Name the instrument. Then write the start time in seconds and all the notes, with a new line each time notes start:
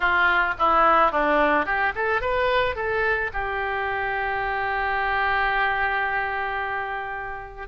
oboe
0.00 F4
0.58 E4
1.11 D4
1.65 G4
1.95 A4
2.21 B4
2.75 A4
3.33 G4